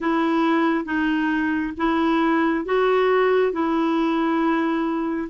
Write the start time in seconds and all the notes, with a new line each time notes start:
0.00 E4
0.85 D#4
1.77 E4
2.65 F#4
3.52 E4